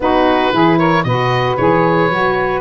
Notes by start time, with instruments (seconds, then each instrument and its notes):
0.00 tuba B3, saxophone D#4 F#4, oboe B4
0.52 tuba E3, saxophone E4 G#4
0.77 saxophone A#4, oboe C#5
1.03 tuba B2, saxophone F#4 B4, oboe D#5
1.57 tuba E3, saxophone G#4, oboe C#5
2.09 tuba F#3, saxophone F#4